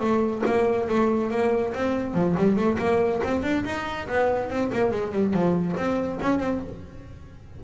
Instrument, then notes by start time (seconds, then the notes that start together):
double bass
0.00 A3
0.45 A#3
0.89 A3
1.31 A#3
1.74 C4
2.14 F3
2.37 G3
2.56 A3
2.79 A#3
3.24 C4
3.43 D4
3.65 D#4
4.08 B3
4.50 C4
4.72 A#3
4.91 G#3
5.12 G3
5.34 F3
5.76 C4
6.22 C#4
6.39 C4